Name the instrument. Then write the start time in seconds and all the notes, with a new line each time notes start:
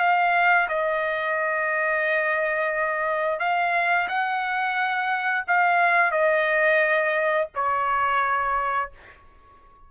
trumpet
0.00 F5
0.69 D#5
3.40 F5
4.09 F#5
5.48 F5
6.12 D#5
7.55 C#5